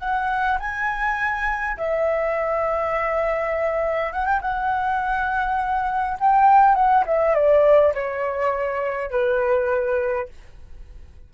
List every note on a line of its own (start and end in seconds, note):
0.00 0.59 F#5
0.60 1.78 G#5
1.78 4.13 E5
4.13 4.26 F#5
4.26 4.40 G5
4.42 6.18 F#5
6.20 6.75 G5
6.75 7.05 F#5
7.07 7.35 E5
7.35 7.94 D5
7.95 9.11 C#5
9.11 10.29 B4